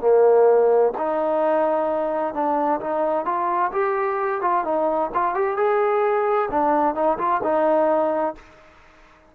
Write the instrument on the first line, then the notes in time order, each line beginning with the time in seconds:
trombone
0.00 A#3
0.98 D#4
2.34 D4
2.80 D#4
3.25 F4
3.72 G4
4.41 F4
4.64 D#4
5.14 F4
5.34 G4
5.57 G#4
6.51 D4
6.94 D#4
7.18 F4
7.43 D#4